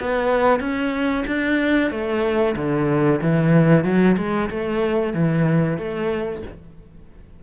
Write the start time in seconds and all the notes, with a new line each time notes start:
0.00 B3
0.60 C#4
1.27 D4
1.91 A3
2.56 D3
3.21 E3
3.84 F#3
4.17 G#3
4.50 A3
5.13 E3
5.78 A3